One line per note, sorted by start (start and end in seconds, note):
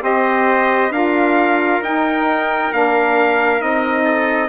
0.00 0.90 C4
0.00 0.90 G4
0.00 0.93 C5
0.00 0.92 D#5
0.90 1.80 D4
0.90 1.83 F4
0.90 4.04 A#4
0.90 1.82 F5
1.81 2.71 D#4
1.81 2.72 D#4
1.81 2.73 G5
2.72 3.61 A#3
2.72 3.59 D4
2.72 3.61 F5
3.59 4.49 C4
3.59 4.49 D#4
3.59 4.49 D#5
4.04 4.49 A4